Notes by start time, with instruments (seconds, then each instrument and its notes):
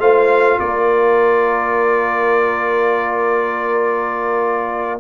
0.00 tuba A3, trombone F4, horn C5, trumpet F5
0.60 tuba A#3, horn A#4, trumpet D5